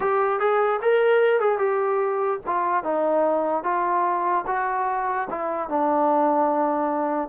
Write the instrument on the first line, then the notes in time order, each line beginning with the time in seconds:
trombone
0.00 G4
0.39 G#4
0.81 A#4
1.39 G#4
1.58 G4
2.46 F4
2.83 D#4
3.63 F4
4.46 F#4
5.29 E4
5.68 D4